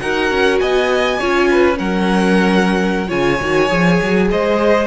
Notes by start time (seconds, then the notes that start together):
0.00 D#4 F#4 A#4 F#5
0.31 C#4
0.59 B3 D#5 G#5
1.19 C#4 F4 C#5
1.51 B4
1.75 F#3 C#4 A#4 F#5
3.08 C#3 F4 C#5 G#5
3.41 D#3 F#4
3.69 F3 G#4
4.02 F#3
4.31 G#3 C5 D#5